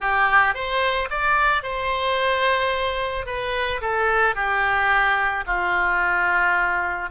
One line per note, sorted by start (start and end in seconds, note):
0.00 0.54 G4
0.54 1.08 C5
1.10 1.62 D5
1.62 3.26 C5
3.26 3.80 B4
3.81 4.35 A4
4.35 5.44 G4
5.46 7.10 F4